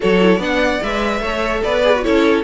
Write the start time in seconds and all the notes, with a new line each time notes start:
0.00 F#3 F#4 A4 C#5
0.20 E4
0.38 B3 D4 D5 F#5
0.82 G#3 B4 E5
1.20 A3 A4 C#5
1.63 B3 B4 D5
1.83 G#4
1.95 F#4
2.02 C#4 E4 A4 C#5